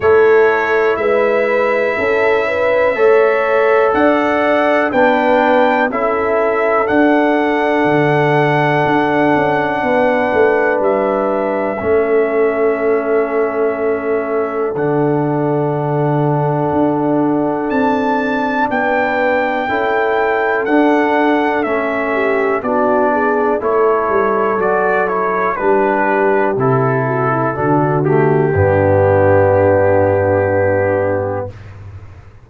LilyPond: <<
  \new Staff \with { instrumentName = "trumpet" } { \time 4/4 \tempo 4 = 61 cis''4 e''2. | fis''4 g''4 e''4 fis''4~ | fis''2. e''4~ | e''2. fis''4~ |
fis''2 a''4 g''4~ | g''4 fis''4 e''4 d''4 | cis''4 d''8 cis''8 b'4 a'4~ | a'8 g'2.~ g'8 | }
  \new Staff \with { instrumentName = "horn" } { \time 4/4 a'4 b'4 a'8 b'8 cis''4 | d''4 b'4 a'2~ | a'2 b'2 | a'1~ |
a'2. b'4 | a'2~ a'8 g'8 fis'8 gis'8 | a'2 g'4. fis'16 e'16 | fis'4 d'2. | }
  \new Staff \with { instrumentName = "trombone" } { \time 4/4 e'2. a'4~ | a'4 d'4 e'4 d'4~ | d'1 | cis'2. d'4~ |
d'1 | e'4 d'4 cis'4 d'4 | e'4 fis'8 e'8 d'4 e'4 | d'8 a8 b2. | }
  \new Staff \with { instrumentName = "tuba" } { \time 4/4 a4 gis4 cis'4 a4 | d'4 b4 cis'4 d'4 | d4 d'8 cis'8 b8 a8 g4 | a2. d4~ |
d4 d'4 c'4 b4 | cis'4 d'4 a4 b4 | a8 g8 fis4 g4 c4 | d4 g,2. | }
>>